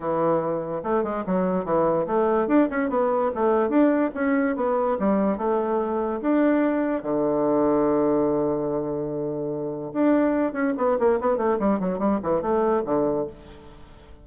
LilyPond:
\new Staff \with { instrumentName = "bassoon" } { \time 4/4 \tempo 4 = 145 e2 a8 gis8 fis4 | e4 a4 d'8 cis'8 b4 | a4 d'4 cis'4 b4 | g4 a2 d'4~ |
d'4 d2.~ | d1 | d'4. cis'8 b8 ais8 b8 a8 | g8 fis8 g8 e8 a4 d4 | }